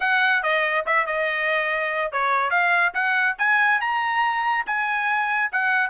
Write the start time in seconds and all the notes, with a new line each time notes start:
0.00 F#5
0.42 D#5
0.85 E5
1.06 D#5
2.12 C#5
2.50 F5
2.94 F#5
3.38 G#5
3.80 A#5
4.66 G#5
5.51 F#5